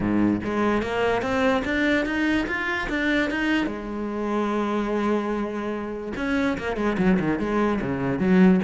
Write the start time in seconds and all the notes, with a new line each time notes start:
0.00 G#2
0.44 G#3
0.82 A#3
1.21 C4
1.65 D4
2.05 D#4
2.47 F4
2.89 D4
3.30 D#4
3.66 G#3
6.16 C#4
6.58 A#3
6.76 G#3
6.98 F#3
7.19 D#3
7.39 G#3
7.81 C#3
8.19 F#3